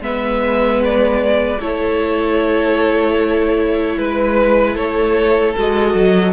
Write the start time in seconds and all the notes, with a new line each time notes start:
0.00 G#3 B3 B4 E5
0.84 D5
1.59 A3 E4 A4 C#5
3.97 G#3 B4
4.75 A3 A4 C#5
5.56 G#3 F#4 D#5
5.94 F#3